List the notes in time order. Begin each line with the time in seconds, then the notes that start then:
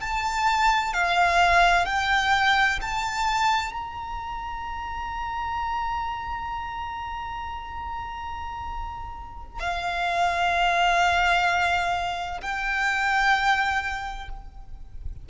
0.00 A5
0.93 F5
1.85 G5
2.81 A5
3.72 A#5
9.60 F5
12.41 G5